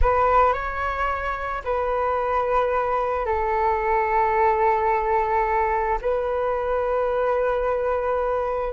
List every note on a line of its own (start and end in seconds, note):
0.01 0.53 B4
0.53 1.62 C#5
1.64 3.25 B4
3.25 5.98 A4
6.01 8.73 B4